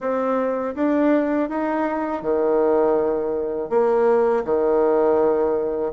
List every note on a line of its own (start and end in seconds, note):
0.00 0.74 C4
0.75 1.48 D4
1.48 2.22 D#4
2.22 3.69 D#3
3.69 4.43 A#3
4.44 5.92 D#3